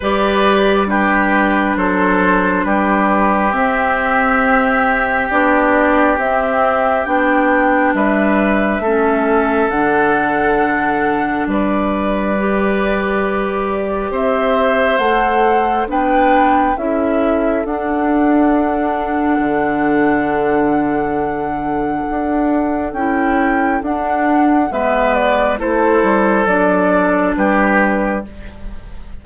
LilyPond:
<<
  \new Staff \with { instrumentName = "flute" } { \time 4/4 \tempo 4 = 68 d''4 b'4 c''4 b'4 | e''2 d''4 e''4 | g''4 e''2 fis''4~ | fis''4 d''2. |
e''4 fis''4 g''4 e''4 | fis''1~ | fis''2 g''4 fis''4 | e''8 d''8 c''4 d''4 b'4 | }
  \new Staff \with { instrumentName = "oboe" } { \time 4/4 b'4 g'4 a'4 g'4~ | g'1~ | g'4 b'4 a'2~ | a'4 b'2. |
c''2 b'4 a'4~ | a'1~ | a'1 | b'4 a'2 g'4 | }
  \new Staff \with { instrumentName = "clarinet" } { \time 4/4 g'4 d'2. | c'2 d'4 c'4 | d'2 cis'4 d'4~ | d'2 g'2~ |
g'4 a'4 d'4 e'4 | d'1~ | d'2 e'4 d'4 | b4 e'4 d'2 | }
  \new Staff \with { instrumentName = "bassoon" } { \time 4/4 g2 fis4 g4 | c'2 b4 c'4 | b4 g4 a4 d4~ | d4 g2. |
c'4 a4 b4 cis'4 | d'2 d2~ | d4 d'4 cis'4 d'4 | gis4 a8 g8 fis4 g4 | }
>>